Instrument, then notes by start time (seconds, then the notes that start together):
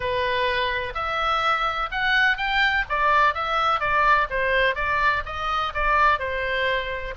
oboe
0.00 B4
0.94 E5
1.91 F#5
2.37 G5
2.89 D5
3.34 E5
3.80 D5
4.30 C5
4.75 D5
5.25 D#5
5.74 D5
6.19 C5